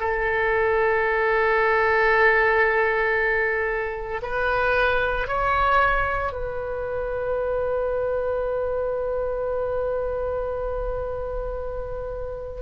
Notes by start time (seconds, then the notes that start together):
0.00 A4
4.22 B4
5.28 C#5
6.33 B4